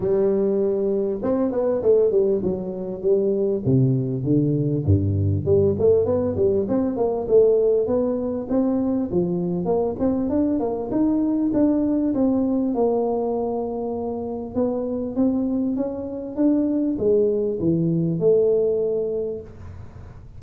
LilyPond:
\new Staff \with { instrumentName = "tuba" } { \time 4/4 \tempo 4 = 99 g2 c'8 b8 a8 g8 | fis4 g4 c4 d4 | g,4 g8 a8 b8 g8 c'8 ais8 | a4 b4 c'4 f4 |
ais8 c'8 d'8 ais8 dis'4 d'4 | c'4 ais2. | b4 c'4 cis'4 d'4 | gis4 e4 a2 | }